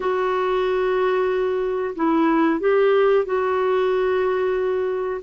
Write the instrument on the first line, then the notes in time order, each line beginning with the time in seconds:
clarinet
0.00 F#4
1.95 E4
2.59 G4
3.25 F#4